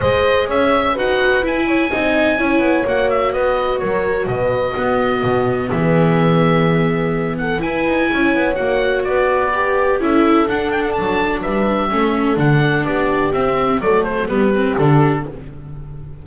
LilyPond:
<<
  \new Staff \with { instrumentName = "oboe" } { \time 4/4 \tempo 4 = 126 dis''4 e''4 fis''4 gis''4~ | gis''2 fis''8 e''8 dis''4 | cis''4 dis''2. | e''2.~ e''8 fis''8 |
gis''2 fis''4 d''4~ | d''4 e''4 fis''8 g''16 fis''16 a''4 | e''2 fis''4 d''4 | e''4 d''8 c''8 b'4 a'4 | }
  \new Staff \with { instrumentName = "horn" } { \time 4/4 c''4 cis''4 b'4. cis''8 | dis''4 cis''2 b'4 | ais'4 b'4 fis'2 | gis'2.~ gis'8 a'8 |
b'4 cis''2 b'4~ | b'4 a'2. | b'4 a'2 g'4~ | g'4 a'4 g'2 | }
  \new Staff \with { instrumentName = "viola" } { \time 4/4 gis'2 fis'4 e'4 | dis'4 e'4 fis'2~ | fis'2 b2~ | b1 |
e'2 fis'2 | g'4 e'4 d'2~ | d'4 cis'4 d'2 | c'4 a4 b8 c'8 d'4 | }
  \new Staff \with { instrumentName = "double bass" } { \time 4/4 gis4 cis'4 dis'4 e'4 | c'4 cis'8 b8 ais4 b4 | fis4 b,4 b4 b,4 | e1 |
e'8 dis'8 cis'8 b8 ais4 b4~ | b4 cis'4 d'4 fis4 | g4 a4 d4 b4 | c'4 fis4 g4 d4 | }
>>